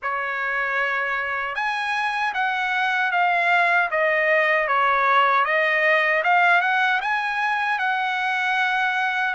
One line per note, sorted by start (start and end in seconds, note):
0.02 1.55 C#5
1.55 2.33 G#5
2.34 3.11 F#5
3.11 3.89 F5
3.90 4.68 D#5
4.68 5.44 C#5
5.44 6.22 D#5
6.23 6.61 F5
6.61 7.00 F#5
7.01 7.79 G#5
7.79 9.34 F#5